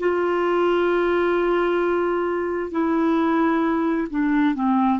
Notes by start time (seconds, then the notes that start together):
0.00 F4
2.72 E4
4.10 D4
4.55 C4